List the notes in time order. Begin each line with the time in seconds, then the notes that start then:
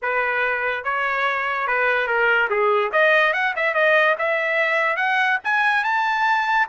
0.02 B4
0.84 C#5
1.67 B4
2.07 A#4
2.50 G#4
2.92 D#5
3.33 F#5
3.56 E5
3.74 D#5
4.18 E5
4.96 F#5
5.44 G#5
5.84 A5